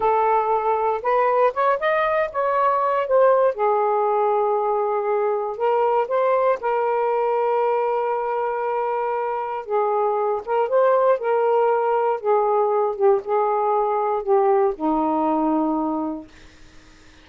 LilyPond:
\new Staff \with { instrumentName = "saxophone" } { \time 4/4 \tempo 4 = 118 a'2 b'4 cis''8 dis''8~ | dis''8 cis''4. c''4 gis'4~ | gis'2. ais'4 | c''4 ais'2.~ |
ais'2. gis'4~ | gis'8 ais'8 c''4 ais'2 | gis'4. g'8 gis'2 | g'4 dis'2. | }